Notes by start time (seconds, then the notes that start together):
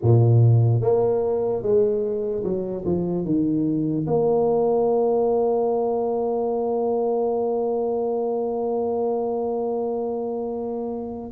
0.02 A#2
0.81 A#3
1.62 G#3
2.43 F#3
2.85 F3
3.24 D#3
4.07 A#3